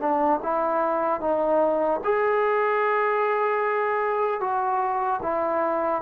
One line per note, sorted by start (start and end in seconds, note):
0.00 0.40 D4
0.43 1.20 E4
1.20 2.00 D#4
2.04 4.41 G#4
4.41 5.21 F#4
5.23 6.02 E4